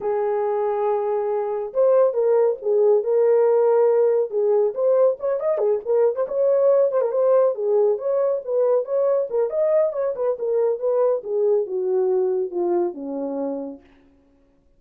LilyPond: \new Staff \with { instrumentName = "horn" } { \time 4/4 \tempo 4 = 139 gis'1 | c''4 ais'4 gis'4 ais'4~ | ais'2 gis'4 c''4 | cis''8 dis''8 gis'8 ais'8. c''16 cis''4. |
c''16 ais'16 c''4 gis'4 cis''4 b'8~ | b'8 cis''4 ais'8 dis''4 cis''8 b'8 | ais'4 b'4 gis'4 fis'4~ | fis'4 f'4 cis'2 | }